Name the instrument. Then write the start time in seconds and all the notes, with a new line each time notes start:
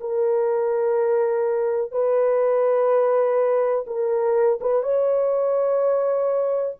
horn
0.00 A#4
1.91 B4
3.87 A#4
4.61 B4
4.83 C#5